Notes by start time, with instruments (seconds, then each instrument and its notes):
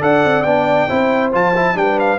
0.00 tuba D4, trombone A4, horn D5, trumpet F#5
0.24 tuba C4
0.42 tuba B3, trombone D4, trumpet G5
0.87 tuba C4, trombone E4, horn C5
1.32 tuba F3, trombone F4, trumpet A5
1.55 trombone E4
1.74 tuba G3, trombone D4, horn B4, trumpet G5
1.99 trumpet F5